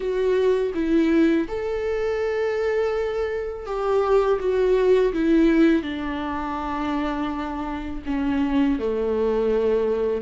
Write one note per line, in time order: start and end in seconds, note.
0.00 0.72 F#4
0.74 1.47 E4
1.47 3.66 A4
3.66 4.39 G4
4.39 5.13 F#4
5.13 5.82 E4
5.82 8.02 D4
8.06 8.79 C#4
8.79 10.21 A3